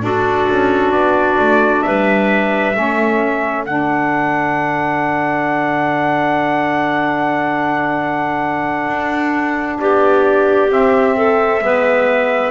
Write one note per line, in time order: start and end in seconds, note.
0.00 2.73 D4
0.00 0.48 D4
0.00 1.85 F#4
0.00 0.92 A4
0.49 0.92 C#4
0.92 1.38 B3
0.92 1.82 D5
1.39 1.84 A3
1.82 2.77 G3
1.82 2.75 B4
1.82 3.64 E5
2.74 3.65 A3
2.74 3.65 C#4
2.74 9.80 A4
3.65 8.88 D3
3.65 10.70 D4
3.65 9.79 F#5
8.88 9.79 D4
9.80 10.70 B3
9.80 11.16 G4
9.80 10.71 D5
10.70 11.60 C4
10.70 12.51 E5
11.16 11.62 A4
11.60 12.51 G#3
11.60 12.51 B3
11.60 12.51 B4